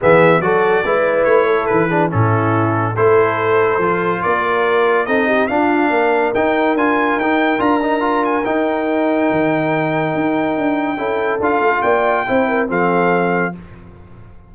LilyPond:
<<
  \new Staff \with { instrumentName = "trumpet" } { \time 4/4 \tempo 4 = 142 e''4 d''2 cis''4 | b'4 a'2 c''4~ | c''2 d''2 | dis''4 f''2 g''4 |
gis''4 g''4 ais''4. gis''8 | g''1~ | g''2. f''4 | g''2 f''2 | }
  \new Staff \with { instrumentName = "horn" } { \time 4/4 gis'4 a'4 b'4. a'8~ | a'8 gis'8 e'2 a'4~ | a'2 ais'2 | a'8 g'8 f'4 ais'2~ |
ais'1~ | ais'1~ | ais'2 a'2 | d''4 c''8 ais'8 a'2 | }
  \new Staff \with { instrumentName = "trombone" } { \time 4/4 b4 fis'4 e'2~ | e'8 d'8 cis'2 e'4~ | e'4 f'2. | dis'4 d'2 dis'4 |
f'4 dis'4 f'8 dis'8 f'4 | dis'1~ | dis'2 e'4 f'4~ | f'4 e'4 c'2 | }
  \new Staff \with { instrumentName = "tuba" } { \time 4/4 e4 fis4 gis4 a4 | e4 a,2 a4~ | a4 f4 ais2 | c'4 d'4 ais4 dis'4 |
d'4 dis'4 d'2 | dis'2 dis2 | dis'4 d'4 cis'4 d'8 a8 | ais4 c'4 f2 | }
>>